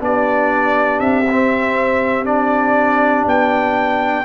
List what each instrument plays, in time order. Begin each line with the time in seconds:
0.00 tuba B3, trombone D4, horn G4, trumpet D5
1.00 tuba C4, trumpet E5
1.31 trombone C4
2.25 trombone D4, trumpet D5
3.26 tuba B3, trumpet G5